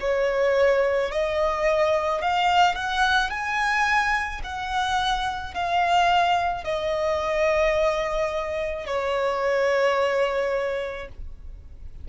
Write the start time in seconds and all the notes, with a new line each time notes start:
0.00 C#5
1.11 D#5
2.22 F5
2.75 F#5
3.30 G#5
4.43 F#5
5.54 F5
6.64 D#5
8.86 C#5